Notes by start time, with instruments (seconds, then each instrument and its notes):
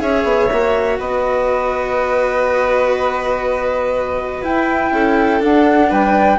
0.00 bassoon C#4, cello G#4, violin C#5, flute E5
0.24 bassoon B3
0.52 bassoon A#3, cello F#4
0.99 bassoon B3, violin B4, flute D#5
4.43 cello E4, bassoon E4, flute G5
4.92 bassoon C#4, violin A4
5.40 cello D4, bassoon D4, flute F#5
5.90 bassoon G3, violin B4, flute G5